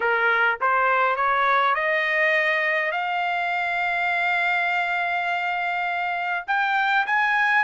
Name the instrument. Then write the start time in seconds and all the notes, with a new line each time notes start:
trumpet
0.00 A#4
0.60 C5
1.16 C#5
1.75 D#5
2.91 F5
6.47 G5
7.06 G#5